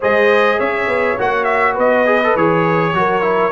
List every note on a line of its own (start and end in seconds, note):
0.00 0.59 G#3
0.00 1.18 G#4
0.00 0.59 C5
0.00 0.59 D#5
0.59 0.87 C#4
0.59 1.74 C#5
0.59 1.18 E5
0.87 1.16 B3
1.18 1.78 A#3
1.18 2.06 F#4
1.18 1.44 F#5
1.44 1.73 E5
1.74 2.35 B3
1.74 2.91 B4
1.74 2.36 D#5
2.06 2.20 G#4
2.23 2.37 A4
2.35 2.93 E3
2.35 2.94 G#4
2.35 3.51 C#5
2.93 3.51 F#3
2.93 3.21 F#4
2.93 3.51 A#4
3.21 3.51 E4